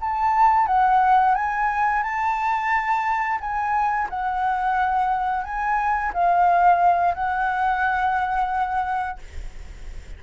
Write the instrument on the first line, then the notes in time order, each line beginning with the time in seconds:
flute
0.00 A5
0.66 F#5
1.35 G#5
2.02 A5
3.40 G#5
4.09 F#5
5.44 G#5
6.13 F5
7.14 F#5